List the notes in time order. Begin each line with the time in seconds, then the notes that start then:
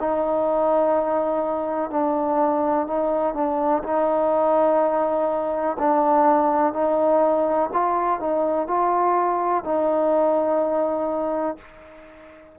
0.00 D#4
1.90 D4
2.87 D#4
3.35 D4
3.84 D#4
5.79 D4
6.73 D#4
7.74 F4
8.20 D#4
8.68 F4
9.65 D#4